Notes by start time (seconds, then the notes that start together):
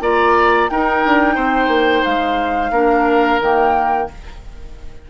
0.00 A#3 F4 D5 A#5
0.68 D#4 A#4 G5
1.04 D4
1.35 C4 C5
1.67 A#3
2.04 G#3 F5
2.70 A#3 D4 A#4
3.40 D#3 A#3 G5